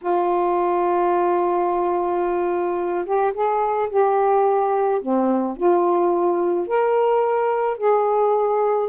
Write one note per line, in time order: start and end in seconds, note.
0.01 3.05 F4
3.05 3.33 G4
3.33 3.89 G#4
3.89 5.01 G4
5.01 5.57 C4
5.57 6.67 F4
6.67 7.77 A#4
7.77 8.88 G#4